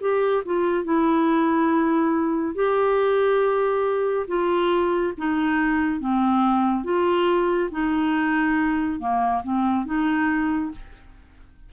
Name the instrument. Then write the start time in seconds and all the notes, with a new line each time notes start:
clarinet
0.00 G4
0.45 F4
0.84 E4
2.54 G4
4.27 F4
5.17 D#4
6.00 C4
6.84 F4
7.71 D#4
8.99 A#3
9.43 C4
9.85 D#4